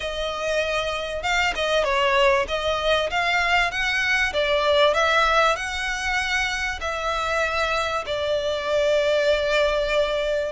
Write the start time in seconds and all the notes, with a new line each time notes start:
0.00 D#5
1.22 F5
1.55 D#5
1.84 C#5
2.47 D#5
3.10 F5
3.71 F#5
4.33 D5
4.93 E5
5.55 F#5
6.80 E5
8.06 D5